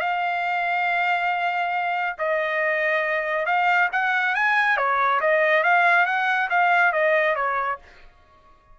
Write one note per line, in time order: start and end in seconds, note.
0.00 2.16 F5
2.18 3.46 D#5
3.46 3.89 F5
3.92 4.34 F#5
4.34 4.77 G#5
4.77 5.20 C#5
5.20 5.63 D#5
5.63 6.05 F5
6.05 6.49 F#5
6.49 6.92 F5
6.92 7.35 D#5
7.35 7.78 C#5